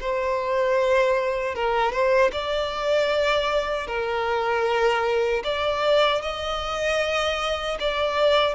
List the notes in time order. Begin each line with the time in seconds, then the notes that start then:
0.00 C5
1.54 A#4
1.92 C5
2.32 D5
3.87 A#4
5.44 D5
6.22 D#5
7.80 D5